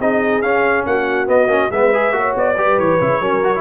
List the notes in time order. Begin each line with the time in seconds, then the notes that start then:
0.00 C4 D#4 G#4 D#5
0.42 C#4 F5
0.86 A#3 F#4 F#5
1.27 B3 D#5
1.47 A#3 C#4
1.71 G#3 B3 B4 E5
1.93 G#4
2.12 A#3 F#4 C#5
2.36 B3 D5
2.57 G3 G4 B4
2.79 E3 C#5
3.01 C#3 E4
3.21 F#3 C#4 A#4
3.44 F#4
3.55 E4